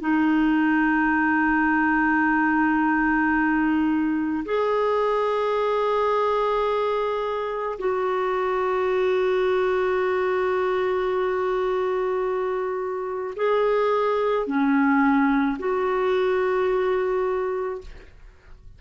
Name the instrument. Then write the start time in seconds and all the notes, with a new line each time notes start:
clarinet
0.00 D#4
4.45 G#4
7.79 F#4
13.36 G#4
14.46 C#4
15.59 F#4